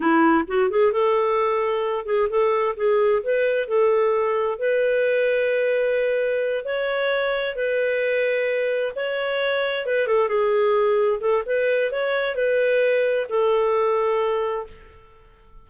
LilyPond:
\new Staff \with { instrumentName = "clarinet" } { \time 4/4 \tempo 4 = 131 e'4 fis'8 gis'8 a'2~ | a'8 gis'8 a'4 gis'4 b'4 | a'2 b'2~ | b'2~ b'8 cis''4.~ |
cis''8 b'2. cis''8~ | cis''4. b'8 a'8 gis'4.~ | gis'8 a'8 b'4 cis''4 b'4~ | b'4 a'2. | }